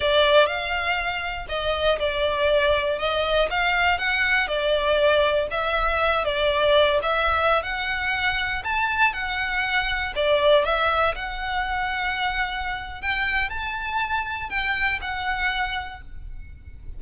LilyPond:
\new Staff \with { instrumentName = "violin" } { \time 4/4 \tempo 4 = 120 d''4 f''2 dis''4 | d''2 dis''4 f''4 | fis''4 d''2 e''4~ | e''8 d''4. e''4~ e''16 fis''8.~ |
fis''4~ fis''16 a''4 fis''4.~ fis''16~ | fis''16 d''4 e''4 fis''4.~ fis''16~ | fis''2 g''4 a''4~ | a''4 g''4 fis''2 | }